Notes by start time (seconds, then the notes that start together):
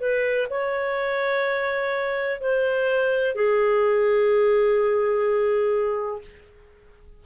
0.00 B4
0.50 C#5
2.40 C5
3.35 G#4